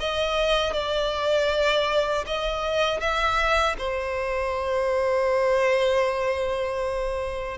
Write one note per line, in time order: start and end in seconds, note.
0.00 0.73 D#5
0.73 2.25 D5
2.27 3.00 D#5
3.00 3.76 E5
3.79 7.58 C5